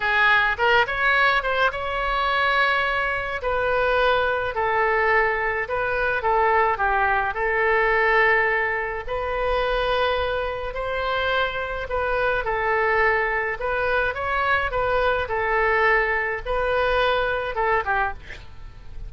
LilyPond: \new Staff \with { instrumentName = "oboe" } { \time 4/4 \tempo 4 = 106 gis'4 ais'8 cis''4 c''8 cis''4~ | cis''2 b'2 | a'2 b'4 a'4 | g'4 a'2. |
b'2. c''4~ | c''4 b'4 a'2 | b'4 cis''4 b'4 a'4~ | a'4 b'2 a'8 g'8 | }